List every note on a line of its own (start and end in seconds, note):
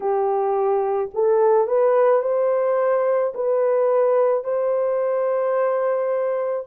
0.00 1.10 G4
1.14 1.67 A4
1.67 2.22 B4
2.22 3.33 C5
3.34 4.43 B4
4.43 6.66 C5